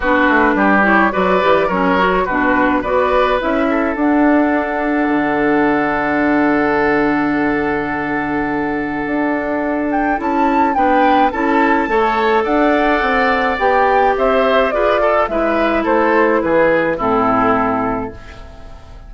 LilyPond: <<
  \new Staff \with { instrumentName = "flute" } { \time 4/4 \tempo 4 = 106 b'4. cis''8 d''4 cis''4 | b'4 d''4 e''4 fis''4~ | fis''1~ | fis''1~ |
fis''4. g''8 a''4 g''4 | a''2 fis''2 | g''4 e''4 d''4 e''4 | c''4 b'4 a'2 | }
  \new Staff \with { instrumentName = "oboe" } { \time 4/4 fis'4 g'4 b'4 ais'4 | fis'4 b'4. a'4.~ | a'1~ | a'1~ |
a'2. b'4 | a'4 cis''4 d''2~ | d''4 c''4 b'8 a'8 b'4 | a'4 gis'4 e'2 | }
  \new Staff \with { instrumentName = "clarinet" } { \time 4/4 d'4. e'8 fis'8 g'8 cis'8 fis'8 | d'4 fis'4 e'4 d'4~ | d'1~ | d'1~ |
d'2 e'4 d'4 | e'4 a'2. | g'2 gis'8 a'8 e'4~ | e'2 c'2 | }
  \new Staff \with { instrumentName = "bassoon" } { \time 4/4 b8 a8 g4 fis8 e8 fis4 | b,4 b4 cis'4 d'4~ | d'4 d2.~ | d1 |
d'2 cis'4 b4 | cis'4 a4 d'4 c'4 | b4 c'4 f'4 gis4 | a4 e4 a,2 | }
>>